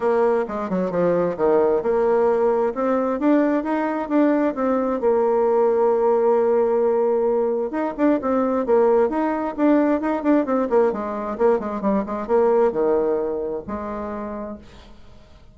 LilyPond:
\new Staff \with { instrumentName = "bassoon" } { \time 4/4 \tempo 4 = 132 ais4 gis8 fis8 f4 dis4 | ais2 c'4 d'4 | dis'4 d'4 c'4 ais4~ | ais1~ |
ais4 dis'8 d'8 c'4 ais4 | dis'4 d'4 dis'8 d'8 c'8 ais8 | gis4 ais8 gis8 g8 gis8 ais4 | dis2 gis2 | }